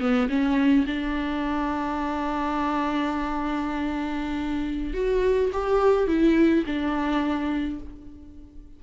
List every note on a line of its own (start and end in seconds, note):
0.00 0.28 B3
0.29 0.85 C#4
0.86 4.94 D4
4.94 5.50 F#4
5.52 6.07 G4
6.07 6.64 E4
6.66 7.79 D4